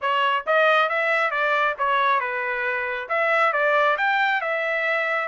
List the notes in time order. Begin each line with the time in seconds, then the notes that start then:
0.01 C#5
0.46 D#5
0.89 E5
1.30 D5
1.78 C#5
2.20 B4
3.08 E5
3.52 D5
3.97 G5
4.41 E5